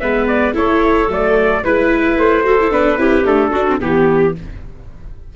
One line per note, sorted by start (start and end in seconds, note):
0.00 0.56 G#3
0.00 0.54 B3
0.00 0.54 B4
0.00 0.27 E5
0.28 0.55 D5
0.54 1.08 A3
0.54 1.08 E4
0.54 1.62 A4
0.54 1.11 C#5
1.08 1.62 F#3
1.08 1.64 A3
1.08 1.65 D5
1.63 2.17 G#3
1.63 2.44 E4
1.63 2.44 B4
1.63 2.19 B4
2.17 2.72 A3
2.17 2.73 C5
2.44 2.58 F#4
2.44 3.00 A4
2.60 2.71 E4
2.71 2.97 B3
2.71 2.98 D4
2.71 3.27 B4
2.97 3.24 C4
2.97 3.25 E4
2.97 3.51 G4
3.25 3.52 A3
3.25 3.79 D4
3.25 3.81 A4
3.51 3.67 D4
3.51 3.78 F#4
3.68 3.81 C4
3.81 4.36 E3
3.81 4.35 B3
3.81 4.35 G4